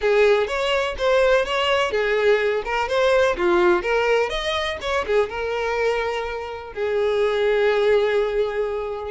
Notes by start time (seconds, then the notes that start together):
0.01 G#4
0.47 C#5
0.98 C5
1.45 C#5
1.91 G#4
2.64 A#4
2.88 C5
3.36 F4
3.82 A#4
4.29 D#5
4.81 C#5
5.06 G#4
5.29 A#4
6.73 G#4